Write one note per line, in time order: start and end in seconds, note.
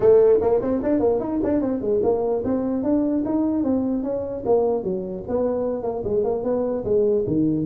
0.00 0.39 A3
0.41 0.61 A#3
0.61 0.81 C4
0.82 0.99 D4
0.99 1.19 A#3
1.19 1.39 D#4
1.43 1.61 D4
1.61 1.81 C4
1.81 2.01 G#3
2.02 2.43 A#3
2.44 2.83 C4
2.83 3.23 D4
3.25 3.63 D#4
3.63 4.03 C4
4.03 4.43 C#4
4.45 4.83 A#3
4.83 5.23 F#3
5.28 5.82 B3
5.82 6.03 A#3
6.04 6.24 G#3
6.24 6.43 A#3
6.43 6.84 B3
6.84 7.24 G#3
7.27 7.65 D#3